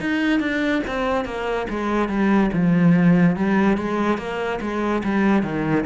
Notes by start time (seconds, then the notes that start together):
0.00 D#4
0.40 D4
0.87 C4
1.25 A#3
1.70 G#3
2.09 G3
2.53 F3
3.36 G3
3.78 G#3
4.18 A#3
4.61 G#3
5.04 G3
5.43 D#3